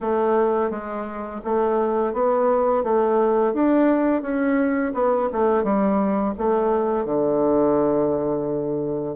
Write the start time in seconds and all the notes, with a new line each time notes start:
0.00 A3
0.70 G#3
1.44 A3
2.13 B3
2.83 A3
3.53 D4
4.22 C#4
4.93 B3
5.32 A3
5.63 G3
6.38 A3
7.05 D3